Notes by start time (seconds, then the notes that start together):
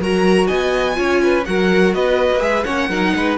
0.00 F#3 F#4 A#4 A#5
0.47 B3 D#5 G#5
0.94 C#4 F4 C#5
1.23 B4
1.45 F#3 F#4 A#4 F#5
1.94 B3 B4 D#5
2.32 A#3
2.39 G#3 G#4 E5
2.64 A#3 C#4 C#5 F#5
2.88 F#3 D#4 A#4
3.15 G#3 B4